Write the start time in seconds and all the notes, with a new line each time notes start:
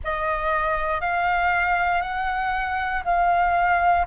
0.04 D#5
1.00 F5
2.01 F#5
3.05 F5